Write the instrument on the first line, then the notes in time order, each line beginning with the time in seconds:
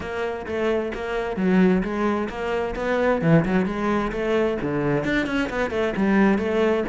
cello
0.00 A#3
0.46 A3
0.94 A#3
1.36 F#3
1.82 G#3
2.29 A#3
2.75 B3
3.21 E3
3.45 F#3
3.65 G#3
4.11 A3
4.61 D3
5.04 D4
5.26 C#4
5.49 B3
5.70 A3
5.96 G3
6.38 A3